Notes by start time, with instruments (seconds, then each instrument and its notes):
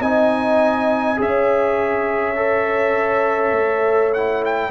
0.00 tuba C4, trombone D#4, horn D#5, trumpet G#5
1.17 tuba C#4, trombone G#4, horn C#5, trumpet E5
2.36 trombone A4
3.51 tuba A3
4.13 trombone E4, trumpet F#5
4.45 trumpet G5